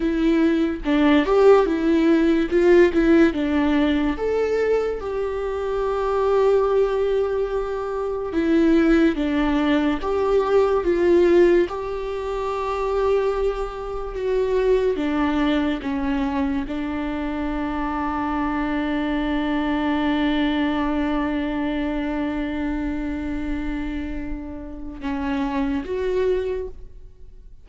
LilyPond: \new Staff \with { instrumentName = "viola" } { \time 4/4 \tempo 4 = 72 e'4 d'8 g'8 e'4 f'8 e'8 | d'4 a'4 g'2~ | g'2 e'4 d'4 | g'4 f'4 g'2~ |
g'4 fis'4 d'4 cis'4 | d'1~ | d'1~ | d'2 cis'4 fis'4 | }